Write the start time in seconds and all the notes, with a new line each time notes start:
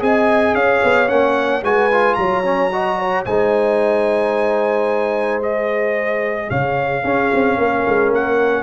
0.00 C4 G#4 D#5 G#5
0.54 C#4 C#5 F5
0.84 B3
1.08 A#3 C#4 F#5
1.63 G#3 F#4 B4 G#5
1.92 F4
2.15 F#3 C#5 A#5
2.44 C#4
2.73 F#4 D#5
3.00 C#5
3.25 G#3 D#4 C5 G#5
5.43 G#4 D#5
6.50 C#3 C#5 F5
7.04 C#4 G#4
7.34 C4
7.58 A#3 A#4
7.88 G#3
8.11 A#3 F#5